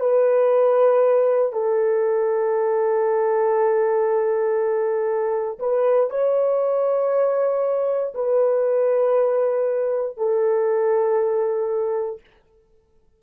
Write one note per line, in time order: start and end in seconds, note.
0.00 1.52 B4
1.52 5.59 A4
5.59 6.10 B4
6.10 8.13 C#5
8.14 10.17 B4
10.17 12.20 A4